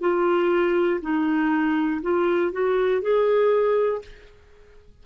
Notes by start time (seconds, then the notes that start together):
0.00 F4
1.01 D#4
2.02 F4
2.52 F#4
3.01 G#4